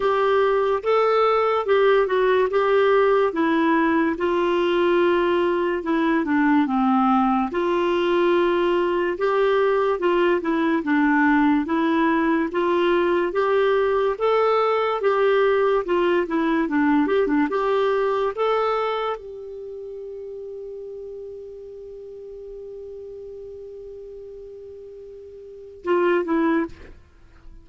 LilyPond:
\new Staff \with { instrumentName = "clarinet" } { \time 4/4 \tempo 4 = 72 g'4 a'4 g'8 fis'8 g'4 | e'4 f'2 e'8 d'8 | c'4 f'2 g'4 | f'8 e'8 d'4 e'4 f'4 |
g'4 a'4 g'4 f'8 e'8 | d'8 g'16 d'16 g'4 a'4 g'4~ | g'1~ | g'2. f'8 e'8 | }